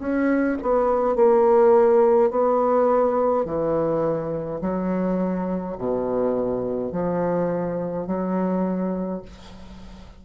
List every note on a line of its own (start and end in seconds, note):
0.00 0.58 C#4
0.62 1.16 B3
1.16 2.31 A#3
2.31 3.46 B3
3.46 4.61 E3
4.62 5.77 F#3
5.78 6.92 B2
6.92 8.07 F3
8.07 9.23 F#3